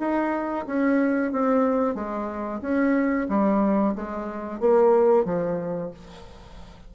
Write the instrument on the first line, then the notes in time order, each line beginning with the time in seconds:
bassoon
0.00 D#4
0.67 C#4
1.32 C4
1.95 G#3
2.61 C#4
3.29 G3
3.95 G#3
4.60 A#3
5.25 F3